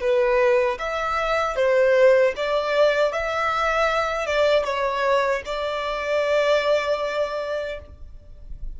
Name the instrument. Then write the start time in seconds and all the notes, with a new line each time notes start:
violin
0.00 B4
0.79 E5
1.55 C5
2.36 D5
3.12 E5
4.26 D5
4.64 C#5
5.45 D5